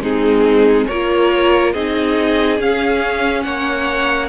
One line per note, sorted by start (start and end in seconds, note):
0.00 0.86 G#3
0.00 0.89 C4
0.00 0.88 D#4
0.00 0.87 G#4
0.87 1.74 A#3
0.87 1.75 F4
0.87 1.74 A#4
0.87 1.73 C#5
1.73 2.60 C4
1.73 2.59 D#4
1.73 3.45 G#4
1.73 2.59 D#5
2.59 4.29 C#4
2.59 3.45 C#4
2.59 3.43 F5
3.43 4.29 A#3
3.43 4.29 C#5
3.43 4.28 F#5